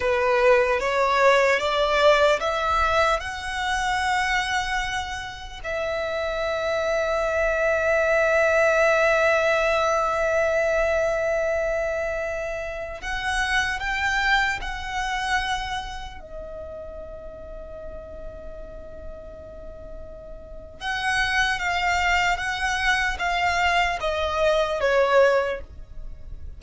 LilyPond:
\new Staff \with { instrumentName = "violin" } { \time 4/4 \tempo 4 = 75 b'4 cis''4 d''4 e''4 | fis''2. e''4~ | e''1~ | e''1~ |
e''16 fis''4 g''4 fis''4.~ fis''16~ | fis''16 dis''2.~ dis''8.~ | dis''2 fis''4 f''4 | fis''4 f''4 dis''4 cis''4 | }